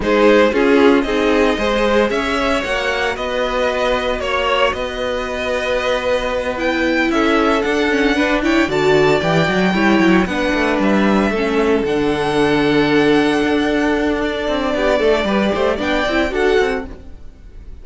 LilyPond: <<
  \new Staff \with { instrumentName = "violin" } { \time 4/4 \tempo 4 = 114 c''4 gis'4 dis''2 | e''4 fis''4 dis''2 | cis''4 dis''2.~ | dis''8 g''4 e''4 fis''4. |
g''8 a''4 g''2 fis''8~ | fis''8 e''2 fis''4.~ | fis''2. d''4~ | d''2 g''4 fis''4 | }
  \new Staff \with { instrumentName = "violin" } { \time 4/4 gis'4 f'4 gis'4 c''4 | cis''2 b'2 | cis''4 b'2.~ | b'4. a'2 b'8 |
cis''8 d''2 cis''4 b'8~ | b'4. a'2~ a'8~ | a'1 | g'8 a'8 b'8 c''8 d''4 a'4 | }
  \new Staff \with { instrumentName = "viola" } { \time 4/4 dis'4 cis'4 dis'4 gis'4~ | gis'4 fis'2.~ | fis'1~ | fis'8 e'2 d'8 cis'8 d'8 |
e'8 fis'4 g'8 fis'8 e'4 d'8~ | d'4. cis'4 d'4.~ | d'1~ | d'4 g'4 d'8 e'8 fis'4 | }
  \new Staff \with { instrumentName = "cello" } { \time 4/4 gis4 cis'4 c'4 gis4 | cis'4 ais4 b2 | ais4 b2.~ | b4. cis'4 d'4.~ |
d'8 d4 e8 fis8 g8 fis8 b8 | a8 g4 a4 d4.~ | d4. d'2 c'8 | b8 a8 g8 a8 b8 c'8 d'8 c'8 | }
>>